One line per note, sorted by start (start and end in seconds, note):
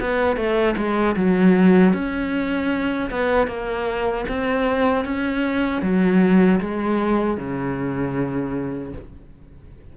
0.00 0.36 B3
0.36 0.75 A3
0.77 1.16 G#3
1.16 1.93 F#3
1.93 3.10 C#4
3.11 3.47 B3
3.47 4.25 A#3
4.29 5.05 C4
5.05 5.82 C#4
5.82 6.60 F#3
6.60 7.37 G#3
7.37 8.93 C#3